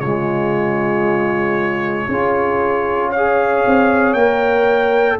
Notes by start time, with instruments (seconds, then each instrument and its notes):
0.00 tuba C#3, trombone G#3, horn F4, trumpet C#5
2.08 tuba C#4, trombone F4, horn G#4
3.09 horn C#5, trumpet F5
3.16 trombone G#4
3.66 tuba C4
4.13 tuba A#3, trombone A#4, trumpet G5